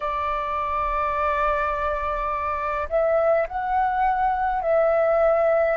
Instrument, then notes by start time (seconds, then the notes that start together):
flute
0.00 D5
2.89 E5
3.47 F#5
4.62 E5